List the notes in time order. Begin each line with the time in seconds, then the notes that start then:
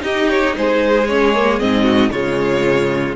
0.00 D#4 G4 D#5
0.30 C#5
0.57 G#3 G#4 C5
1.07 C#4 C#5
1.34 A#3
1.59 G#2 C4 D#5
1.83 F#4
2.11 C#3 G#3 F4 C#5